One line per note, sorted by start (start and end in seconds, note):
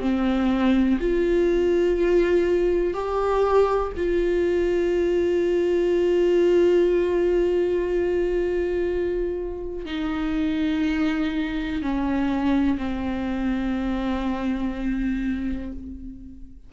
0.00 0.98 C4
1.00 2.93 F4
2.93 3.92 G4
3.96 9.85 F4
9.85 11.82 D#4
11.82 12.77 C#4
12.77 15.72 C4